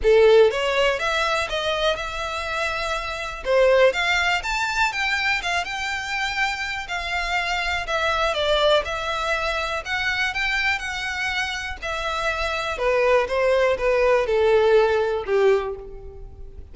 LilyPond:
\new Staff \with { instrumentName = "violin" } { \time 4/4 \tempo 4 = 122 a'4 cis''4 e''4 dis''4 | e''2. c''4 | f''4 a''4 g''4 f''8 g''8~ | g''2 f''2 |
e''4 d''4 e''2 | fis''4 g''4 fis''2 | e''2 b'4 c''4 | b'4 a'2 g'4 | }